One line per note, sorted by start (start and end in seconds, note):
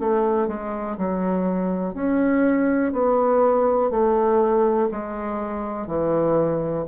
0.00 0.48 A3
0.48 0.97 G#3
0.97 1.94 F#3
1.94 2.93 C#4
2.93 3.91 B3
3.91 4.89 A3
4.91 5.87 G#3
5.87 6.85 E3